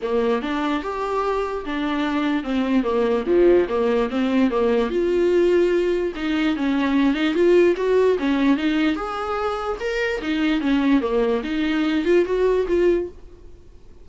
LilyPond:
\new Staff \with { instrumentName = "viola" } { \time 4/4 \tempo 4 = 147 ais4 d'4 g'2 | d'2 c'4 ais4 | f4 ais4 c'4 ais4 | f'2. dis'4 |
cis'4. dis'8 f'4 fis'4 | cis'4 dis'4 gis'2 | ais'4 dis'4 cis'4 ais4 | dis'4. f'8 fis'4 f'4 | }